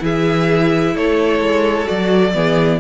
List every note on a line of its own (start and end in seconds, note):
0.00 0.95 E3
0.00 1.85 E4
0.00 0.95 G#4
0.00 0.97 E5
0.95 1.41 A3
0.95 2.34 A4
0.95 1.88 C#5
1.41 1.87 G#3
1.85 2.35 F#3
1.85 2.31 F#4
1.85 2.80 D5
2.34 2.80 E3
2.34 2.80 B3
2.34 2.80 G#4